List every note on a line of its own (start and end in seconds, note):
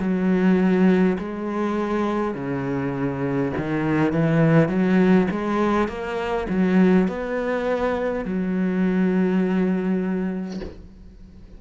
0.00 1.18 F#3
1.19 2.35 G#3
2.35 3.52 C#3
3.58 4.13 D#3
4.13 4.69 E3
4.69 5.28 F#3
5.31 5.88 G#3
5.88 6.47 A#3
6.49 7.08 F#3
7.08 8.25 B3
8.25 10.60 F#3